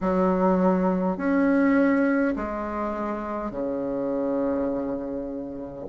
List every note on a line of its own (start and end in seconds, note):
0.00 1.17 F#3
1.17 2.35 C#4
2.35 3.50 G#3
3.50 5.86 C#3